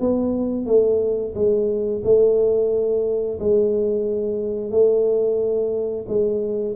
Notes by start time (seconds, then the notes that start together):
0.00 B3
0.66 A3
1.35 G#3
2.04 A3
3.40 G#3
4.71 A3
6.08 G#3